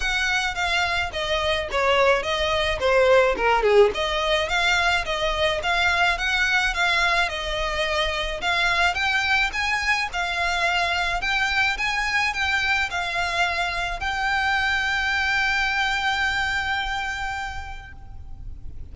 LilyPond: \new Staff \with { instrumentName = "violin" } { \time 4/4 \tempo 4 = 107 fis''4 f''4 dis''4 cis''4 | dis''4 c''4 ais'8 gis'8 dis''4 | f''4 dis''4 f''4 fis''4 | f''4 dis''2 f''4 |
g''4 gis''4 f''2 | g''4 gis''4 g''4 f''4~ | f''4 g''2.~ | g''1 | }